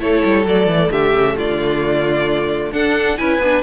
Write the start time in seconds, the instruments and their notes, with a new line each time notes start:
0.00 cello A3, viola E4, violin A4 C#5
0.24 cello G3
0.46 cello F#3, viola A3, violin D5
0.67 cello E3
0.91 cello D3, violin G4 E5
1.13 cello C#3
1.36 cello D3, violin F4 D5
2.71 cello D4, viola D4, violin A4 F#5
3.17 cello C#4, viola E4, violin B4 G#5
3.38 cello B3, viola D4